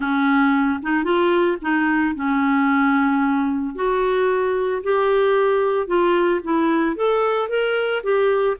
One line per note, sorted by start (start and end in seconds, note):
0.00 0.80 C#4
0.82 1.04 D#4
1.04 1.57 F4
1.61 2.15 D#4
2.15 3.75 C#4
3.75 4.82 F#4
4.83 5.87 G4
5.87 6.40 F4
6.43 6.96 E4
6.96 7.48 A4
7.48 8.02 A#4
8.03 8.56 G4